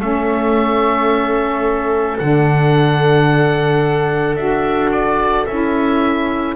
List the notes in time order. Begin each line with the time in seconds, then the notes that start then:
0.00 A3 C#4 A4 E5
2.19 D3 D4 F#5
4.36 D4 F#4 E5
4.92 D5
5.46 C#4 E4 E5